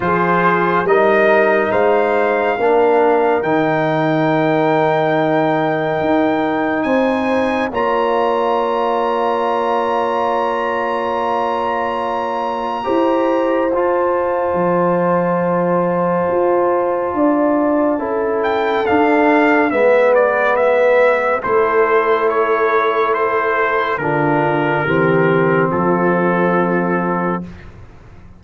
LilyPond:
<<
  \new Staff \with { instrumentName = "trumpet" } { \time 4/4 \tempo 4 = 70 c''4 dis''4 f''2 | g''1 | gis''4 ais''2.~ | ais''1 |
a''1~ | a''4. g''8 f''4 e''8 d''8 | e''4 c''4 cis''4 c''4 | ais'2 a'2 | }
  \new Staff \with { instrumentName = "horn" } { \time 4/4 gis'4 ais'4 c''4 ais'4~ | ais'1 | c''4 cis''2.~ | cis''2. c''4~ |
c''1 | d''4 a'2 b'4~ | b'4 a'2. | f'4 g'4 f'2 | }
  \new Staff \with { instrumentName = "trombone" } { \time 4/4 f'4 dis'2 d'4 | dis'1~ | dis'4 f'2.~ | f'2. g'4 |
f'1~ | f'4 e'4 d'4 b4~ | b4 e'2. | d'4 c'2. | }
  \new Staff \with { instrumentName = "tuba" } { \time 4/4 f4 g4 gis4 ais4 | dis2. dis'4 | c'4 ais2.~ | ais2. e'4 |
f'4 f2 f'4 | d'4 cis'4 d'4 gis4~ | gis4 a2. | d4 e4 f2 | }
>>